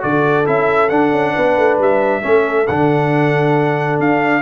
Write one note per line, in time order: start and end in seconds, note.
0.00 0.48 D3
0.00 0.44 F#4
0.00 1.32 A4
0.00 0.46 D5
0.45 0.90 C#4
0.45 0.89 E4
0.45 0.89 E5
0.89 2.22 D4
0.89 1.12 D4
0.89 1.77 F#5
1.12 1.34 C#4
1.32 1.57 B3
1.32 2.20 B4
1.57 1.78 A3
1.78 2.22 G3
1.78 2.67 E5
2.22 2.68 A3
2.22 2.66 C#4
2.22 4.42 A4
2.67 3.99 D3
2.67 4.42 D4
2.67 3.99 F#5
3.99 4.42 D4
3.99 4.42 F5